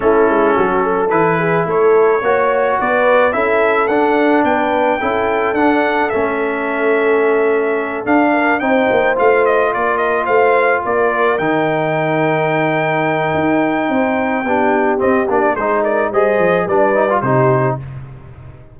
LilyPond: <<
  \new Staff \with { instrumentName = "trumpet" } { \time 4/4 \tempo 4 = 108 a'2 b'4 cis''4~ | cis''4 d''4 e''4 fis''4 | g''2 fis''4 e''4~ | e''2~ e''8 f''4 g''8~ |
g''8 f''8 dis''8 d''8 dis''8 f''4 d''8~ | d''8 g''2.~ g''8~ | g''2. dis''8 d''8 | c''8 d''8 dis''4 d''4 c''4 | }
  \new Staff \with { instrumentName = "horn" } { \time 4/4 e'4 fis'8 a'4 gis'8 a'4 | cis''4 b'4 a'2 | b'4 a'2.~ | a'2. ais'8 c''8~ |
c''4. ais'4 c''4 ais'8~ | ais'1~ | ais'4 c''4 g'2 | gis'8 ais'8 c''4 b'4 g'4 | }
  \new Staff \with { instrumentName = "trombone" } { \time 4/4 cis'2 e'2 | fis'2 e'4 d'4~ | d'4 e'4 d'4 cis'4~ | cis'2~ cis'8 d'4 dis'8~ |
dis'8 f'2.~ f'8~ | f'8 dis'2.~ dis'8~ | dis'2 d'4 c'8 d'8 | dis'4 gis'4 d'8 dis'16 f'16 dis'4 | }
  \new Staff \with { instrumentName = "tuba" } { \time 4/4 a8 gis8 fis4 e4 a4 | ais4 b4 cis'4 d'4 | b4 cis'4 d'4 a4~ | a2~ a8 d'4 c'8 |
ais8 a4 ais4 a4 ais8~ | ais8 dis2.~ dis8 | dis'4 c'4 b4 c'8 ais8 | gis4 g8 f8 g4 c4 | }
>>